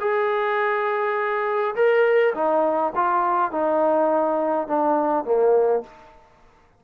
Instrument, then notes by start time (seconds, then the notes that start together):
trombone
0.00 G#4
1.75 A#4
2.35 D#4
2.95 F4
3.51 D#4
4.67 D4
5.25 A#3